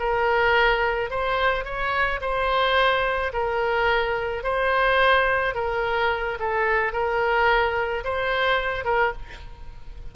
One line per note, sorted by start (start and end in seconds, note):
0.00 1.11 A#4
1.11 1.65 C5
1.65 2.20 C#5
2.21 3.33 C5
3.34 4.44 A#4
4.44 5.55 C5
5.55 6.39 A#4
6.40 6.93 A4
6.93 8.04 A#4
8.05 8.85 C5
8.85 9.13 A#4